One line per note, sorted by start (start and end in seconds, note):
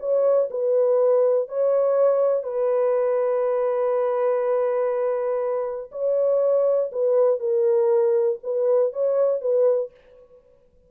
0.00 0.50 C#5
0.50 1.49 B4
1.49 2.44 C#5
2.44 5.91 B4
5.92 6.91 C#5
6.92 7.40 B4
7.40 8.39 A#4
8.43 8.93 B4
8.93 9.42 C#5
9.42 9.91 B4